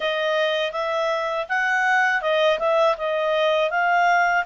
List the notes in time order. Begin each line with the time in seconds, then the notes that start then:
0.00 D#5
0.72 E5
1.48 F#5
2.21 D#5
2.59 E5
2.97 D#5
3.70 F5